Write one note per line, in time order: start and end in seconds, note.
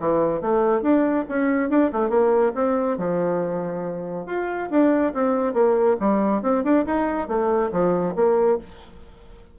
0.00 0.42 E3
0.42 0.83 A3
0.83 1.25 D4
1.30 1.70 C#4
1.70 1.91 D4
1.93 2.10 A3
2.10 2.53 A#3
2.55 2.98 C4
2.98 4.27 F3
4.27 4.70 F4
4.71 5.14 D4
5.14 5.54 C4
5.54 5.97 A#3
6.00 6.43 G3
6.43 6.64 C4
6.64 6.86 D4
6.86 7.29 D#4
7.29 7.71 A3
7.73 8.15 F3
8.16 8.59 A#3